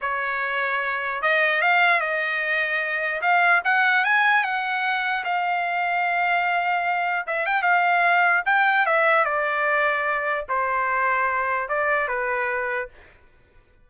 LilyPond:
\new Staff \with { instrumentName = "trumpet" } { \time 4/4 \tempo 4 = 149 cis''2. dis''4 | f''4 dis''2. | f''4 fis''4 gis''4 fis''4~ | fis''4 f''2.~ |
f''2 e''8 g''8 f''4~ | f''4 g''4 e''4 d''4~ | d''2 c''2~ | c''4 d''4 b'2 | }